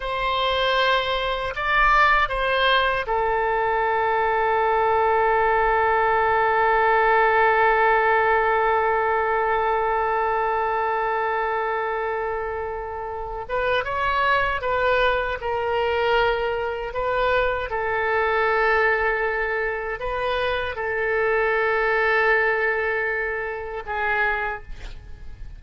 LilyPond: \new Staff \with { instrumentName = "oboe" } { \time 4/4 \tempo 4 = 78 c''2 d''4 c''4 | a'1~ | a'1~ | a'1~ |
a'4. b'8 cis''4 b'4 | ais'2 b'4 a'4~ | a'2 b'4 a'4~ | a'2. gis'4 | }